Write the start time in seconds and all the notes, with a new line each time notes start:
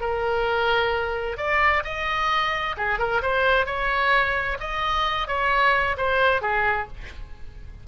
0.00 A#4
1.37 D5
1.84 D#5
2.77 G#4
2.99 A#4
3.22 C5
3.66 C#5
4.60 D#5
5.28 C#5
5.97 C5
6.42 G#4